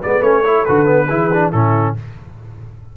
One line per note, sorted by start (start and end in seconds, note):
0.00 0.21 G#3
0.00 0.22 B3
0.00 0.43 B4
0.00 0.22 D5
0.21 0.64 A3
0.21 0.44 C#4
0.21 0.65 C#5
0.44 0.66 E4
0.44 1.09 A4
0.65 1.10 D3
0.65 0.86 F#4
0.65 1.51 B4
0.86 1.07 B3
1.09 1.53 E3
1.09 1.31 E4
1.09 1.52 G#4
1.33 1.53 D4
1.52 1.96 A2
1.52 1.96 C#4
1.52 1.95 E4
1.52 1.95 A4